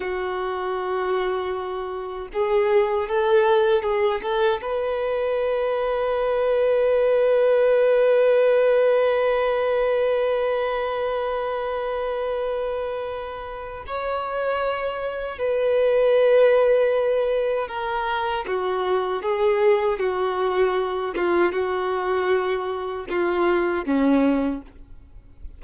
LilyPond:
\new Staff \with { instrumentName = "violin" } { \time 4/4 \tempo 4 = 78 fis'2. gis'4 | a'4 gis'8 a'8 b'2~ | b'1~ | b'1~ |
b'2 cis''2 | b'2. ais'4 | fis'4 gis'4 fis'4. f'8 | fis'2 f'4 cis'4 | }